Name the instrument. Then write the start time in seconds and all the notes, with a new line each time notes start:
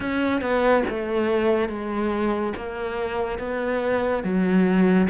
cello
0.00 C#4
0.41 B3
0.89 A3
1.68 G#3
2.56 A#3
3.38 B3
4.23 F#3